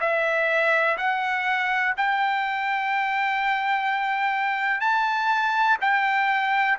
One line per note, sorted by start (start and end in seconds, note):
0.00 0.97 E5
0.97 1.94 F#5
1.97 4.80 G5
4.80 5.77 A5
5.81 6.77 G5